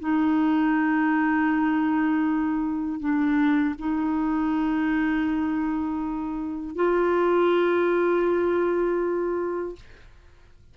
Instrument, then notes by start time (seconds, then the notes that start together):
clarinet
0.00 D#4
3.00 D4
3.79 D#4
6.76 F4